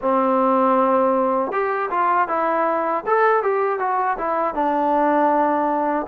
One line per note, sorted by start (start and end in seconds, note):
0.01 1.52 C4
1.52 1.90 G4
1.90 2.28 F4
2.28 3.04 E4
3.06 3.42 A4
3.42 3.79 G4
3.79 4.17 F#4
4.18 4.54 E4
4.54 6.06 D4